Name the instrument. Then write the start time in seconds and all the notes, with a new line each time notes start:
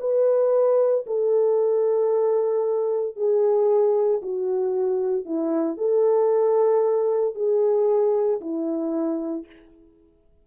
horn
0.00 B4
1.06 A4
3.16 G#4
4.22 F#4
5.25 E4
5.77 A4
7.35 G#4
8.41 E4